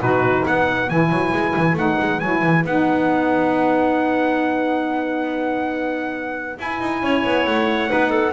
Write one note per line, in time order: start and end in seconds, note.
0.00 0.44 B2
0.00 0.88 D#4
0.00 0.45 F#4
0.00 0.45 B4
0.45 0.90 B3
0.45 7.02 B4
0.45 0.89 F#5
0.89 1.09 E3
0.89 1.77 E4
0.89 1.77 G#5
1.09 1.31 F#3
1.32 1.54 G#3
1.56 1.74 E3
1.74 1.95 A3
1.74 2.21 D#4
1.74 2.20 F#5
2.00 2.21 G#3
2.20 2.43 F#3
2.20 2.66 E4
2.20 2.63 G#5
2.43 2.64 E3
2.64 6.58 B3
2.64 6.58 D#4
2.64 6.60 F#5
6.58 7.88 E4
6.58 6.80 E4
6.58 7.47 G#5
6.80 7.02 D#4
7.02 7.24 C#4
7.02 7.90 C#5
7.24 7.46 B3
7.47 7.90 A3
7.47 8.33 F#5
7.88 8.33 B3
7.88 8.32 D#4
7.88 8.10 B4
8.10 8.32 A4